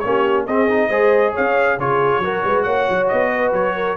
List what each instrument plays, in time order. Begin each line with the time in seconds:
0.00 tuba A#3, trombone C#4, trumpet C#5
0.07 horn G4
0.46 tuba C4, trombone C4, horn G#4, trumpet D#5
0.70 trombone D#4
0.89 tuba G#3, trombone G#4, horn C5
1.32 tuba C#4, horn C#5, trumpet F5
1.78 tuba C#3, trombone F4, horn G#4, trumpet C#5
2.19 tuba F#3, trombone F#4, horn A#4
2.45 tuba G#3, horn B4
2.63 tuba A#3, horn C#5, trumpet F#5
2.90 tuba F#3
3.08 tuba B3, trumpet D#5
3.34 horn B4
3.53 tuba F#3, trumpet C#5
3.75 horn A#4